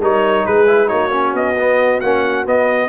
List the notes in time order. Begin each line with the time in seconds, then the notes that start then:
0.00 G3 D#4 A#4 C#5
0.46 G#3 G#4 B4
0.67 E4
0.88 A#3 D#4 F#4 C#5
1.11 C#4
1.33 B3 D#5
1.58 B3
2.01 A#3 C#4 F#5
2.46 B3 D#5